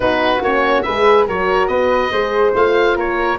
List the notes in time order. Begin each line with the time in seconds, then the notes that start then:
0.00 B3 D#4 F#4 B4
0.40 A#3 C#4 C#5
0.82 G#4 B4 E5
0.88 G#3
1.27 F#3 F#4 A#4 C#5
1.67 B3 B4 D#5
2.11 G#3 G#4 C5
2.54 A3 F4 F5
2.96 A#3 A#4 C#5